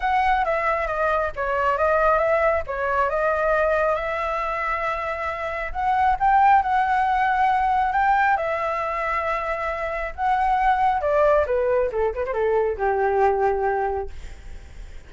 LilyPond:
\new Staff \with { instrumentName = "flute" } { \time 4/4 \tempo 4 = 136 fis''4 e''4 dis''4 cis''4 | dis''4 e''4 cis''4 dis''4~ | dis''4 e''2.~ | e''4 fis''4 g''4 fis''4~ |
fis''2 g''4 e''4~ | e''2. fis''4~ | fis''4 d''4 b'4 a'8 b'16 c''16 | a'4 g'2. | }